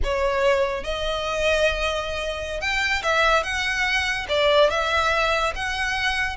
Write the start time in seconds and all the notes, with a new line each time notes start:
0.03 C#5
0.83 D#5
2.60 G5
3.02 E5
3.43 F#5
4.28 D5
4.70 E5
5.55 F#5